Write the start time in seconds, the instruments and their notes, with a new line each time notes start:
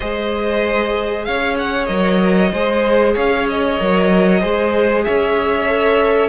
0.00 cello G#3, viola G#4, violin C5 D#5
1.24 cello C#4, violin C#5 F5
1.58 violin F#5
1.85 cello F#3, viola A#4, violin D#5
2.52 cello G#3, viola G#4, violin C5
3.14 cello C#4, violin C#5 F5
3.49 violin D#5
3.79 cello F#3, viola A#4
4.40 cello G#3, viola G#4, violin C5
5.04 cello C#4, violin C#5 E5
5.67 viola A4